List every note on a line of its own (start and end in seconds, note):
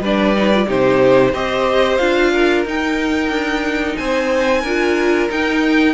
0.00 0.66 G3
0.00 0.36 D4
0.00 0.67 B4
0.00 0.70 D5
0.36 0.52 D#4
0.55 0.66 F4
0.66 1.33 C3
0.66 1.31 D#4
0.66 1.33 G4
0.66 1.34 C5
1.33 1.99 C4
1.33 1.99 G4
1.33 2.32 C5
1.33 1.97 D#5
1.97 2.65 D4
1.97 2.65 F4
1.97 2.63 F5
2.32 3.97 A#4
2.65 3.29 D#4
2.65 4.65 D#4
2.65 3.96 G5
3.29 3.95 D4
3.96 4.64 C4
3.96 4.61 C5
3.96 5.28 G#5
4.61 5.30 D4
4.61 5.30 F4
4.61 5.93 A#4
5.30 5.94 D#4
5.30 5.94 G5